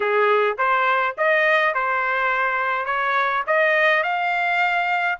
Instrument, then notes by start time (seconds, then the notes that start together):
trumpet
0.00 G#4
0.58 C5
1.17 D#5
1.74 C5
2.85 C#5
3.46 D#5
4.03 F5